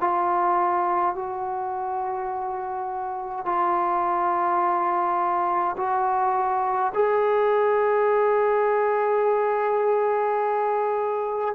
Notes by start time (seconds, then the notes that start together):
0.00 F4
1.15 F#4
3.45 F4
5.77 F#4
6.94 G#4